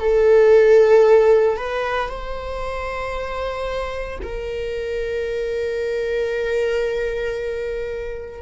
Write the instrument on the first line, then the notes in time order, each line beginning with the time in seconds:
viola
0.00 A4
1.57 B4
2.09 C5
4.23 A#4